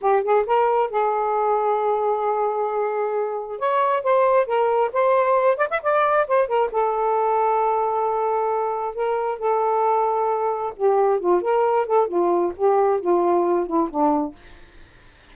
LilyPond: \new Staff \with { instrumentName = "saxophone" } { \time 4/4 \tempo 4 = 134 g'8 gis'8 ais'4 gis'2~ | gis'1 | cis''4 c''4 ais'4 c''4~ | c''8 d''16 e''16 d''4 c''8 ais'8 a'4~ |
a'1 | ais'4 a'2. | g'4 f'8 ais'4 a'8 f'4 | g'4 f'4. e'8 d'4 | }